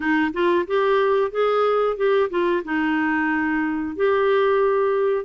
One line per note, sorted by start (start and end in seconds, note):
0.00 0.31 D#4
0.33 0.66 F4
0.67 1.31 G4
1.31 1.96 G#4
1.96 2.29 G4
2.30 2.63 F4
2.64 3.96 D#4
3.96 5.25 G4